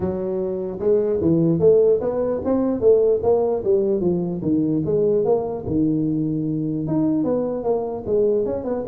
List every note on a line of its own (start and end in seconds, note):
0.00 0.79 F#3
0.79 1.19 G#3
1.21 1.59 E3
1.59 1.99 A3
2.00 2.41 B3
2.44 2.80 C4
2.80 3.20 A3
3.23 3.63 A#3
3.64 4.00 G3
4.00 4.40 F3
4.42 4.82 D#3
4.85 5.24 G#3
5.24 5.65 A#3
5.66 6.87 D#3
6.87 7.24 D#4
7.24 7.63 B3
7.63 8.03 A#3
8.06 8.45 G#3
8.45 8.64 C#4
8.64 8.84 B3